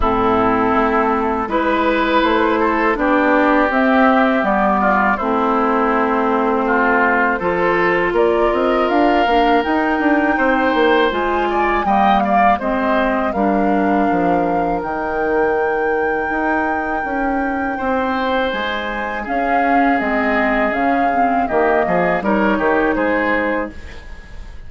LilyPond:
<<
  \new Staff \with { instrumentName = "flute" } { \time 4/4 \tempo 4 = 81 a'2 b'4 c''4 | d''4 e''4 d''4 c''4~ | c''2. d''8 dis''8 | f''4 g''2 gis''4 |
g''8 f''8 dis''4 f''2 | g''1~ | g''4 gis''4 f''4 dis''4 | f''4 dis''4 cis''4 c''4 | }
  \new Staff \with { instrumentName = "oboe" } { \time 4/4 e'2 b'4. a'8 | g'2~ g'8 f'8 e'4~ | e'4 f'4 a'4 ais'4~ | ais'2 c''4. d''8 |
dis''8 d''8 c''4 ais'2~ | ais'1 | c''2 gis'2~ | gis'4 g'8 gis'8 ais'8 g'8 gis'4 | }
  \new Staff \with { instrumentName = "clarinet" } { \time 4/4 c'2 e'2 | d'4 c'4 b4 c'4~ | c'2 f'2~ | f'8 d'8 dis'2 f'4 |
ais4 c'4 d'2 | dis'1~ | dis'2 cis'4 c'4 | cis'8 c'8 ais4 dis'2 | }
  \new Staff \with { instrumentName = "bassoon" } { \time 4/4 a,4 a4 gis4 a4 | b4 c'4 g4 a4~ | a2 f4 ais8 c'8 | d'8 ais8 dis'8 d'8 c'8 ais8 gis4 |
g4 gis4 g4 f4 | dis2 dis'4 cis'4 | c'4 gis4 cis'4 gis4 | cis4 dis8 f8 g8 dis8 gis4 | }
>>